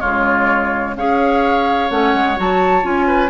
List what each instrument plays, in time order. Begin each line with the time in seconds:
0.00 bassoon C#3, clarinet G#3, oboe F4, flute C#5
0.95 bassoon C#4, clarinet G#4, oboe C#5, flute F5
1.90 bassoon A3, clarinet C#4, flute F#5
2.13 bassoon G#3
2.36 bassoon F#3, clarinet F#4, flute A5
2.81 bassoon C#4, clarinet F4, flute G#5
3.07 oboe B4